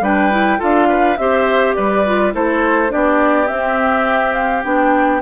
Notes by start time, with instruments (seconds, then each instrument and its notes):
0.00 bassoon G3, clarinet D4, oboe B4, flute G5
0.30 clarinet E4
0.58 bassoon D4, clarinet F4, oboe A4, flute F5
0.88 oboe B4
1.17 bassoon C4, clarinet G4, oboe C5, flute E5
1.75 bassoon G3, oboe B4, flute D5
2.05 clarinet F4
2.32 bassoon A3, clarinet E4, oboe A4, flute C5
2.88 bassoon B3, clarinet D4, oboe G4, flute D5
3.47 clarinet C4, bassoon C4, flute E5
4.33 flute F5
4.63 bassoon B3, clarinet D4, flute G5